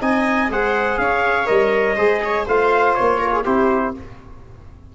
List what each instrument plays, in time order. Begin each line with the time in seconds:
0.00 tuba C4, trombone D#4, viola D#5, trumpet G#5
0.50 tuba G#3, trombone G#4, viola C5, trumpet F#5
0.98 tuba C#4, viola C#5, trumpet F5
1.45 tuba G3, trombone A#4, trumpet D#5
1.96 tuba G#3, trombone G#4, viola C5
2.24 viola C#5
2.46 tuba A3, trombone F4, viola C5, trumpet F5
2.94 tuba A#3, trumpet C#5
3.18 viola A#4
3.32 viola G#4
3.44 tuba C4, trombone E4, viola G4, trumpet C5